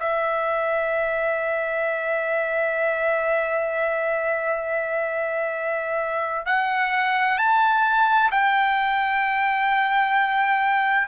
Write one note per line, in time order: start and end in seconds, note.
0.00 6.46 E5
6.46 7.38 F#5
7.38 8.30 A5
8.31 11.08 G5